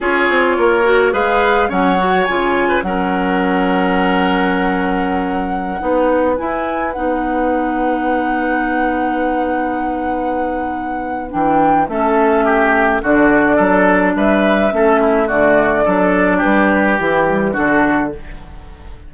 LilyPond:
<<
  \new Staff \with { instrumentName = "flute" } { \time 4/4 \tempo 4 = 106 cis''2 f''4 fis''4 | gis''4 fis''2.~ | fis''2.~ fis''16 gis''8.~ | gis''16 fis''2.~ fis''8.~ |
fis''1 | g''4 e''2 d''4~ | d''4 e''2 d''4~ | d''4 b'4 g'4 a'4 | }
  \new Staff \with { instrumentName = "oboe" } { \time 4/4 gis'4 ais'4 b'4 cis''4~ | cis''8. b'16 ais'2.~ | ais'2~ ais'16 b'4.~ b'16~ | b'1~ |
b'1~ | b'4 a'4 g'4 fis'4 | a'4 b'4 a'8 e'8 fis'4 | a'4 g'2 fis'4 | }
  \new Staff \with { instrumentName = "clarinet" } { \time 4/4 f'4. fis'8 gis'4 cis'8 fis'8 | f'4 cis'2.~ | cis'2~ cis'16 dis'4 e'8.~ | e'16 dis'2.~ dis'8.~ |
dis'1 | d'4 cis'2 d'4~ | d'2 cis'4 a4 | d'2 e'8 g8 d'4 | }
  \new Staff \with { instrumentName = "bassoon" } { \time 4/4 cis'8 c'8 ais4 gis4 fis4 | cis4 fis2.~ | fis2~ fis16 b4 e'8.~ | e'16 b2.~ b8.~ |
b1 | e4 a2 d4 | fis4 g4 a4 d4 | fis4 g4 e4 d4 | }
>>